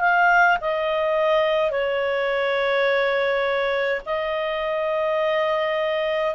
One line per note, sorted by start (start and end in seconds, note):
0.00 0.58 F5
0.61 1.71 D#5
1.71 4.02 C#5
4.05 6.35 D#5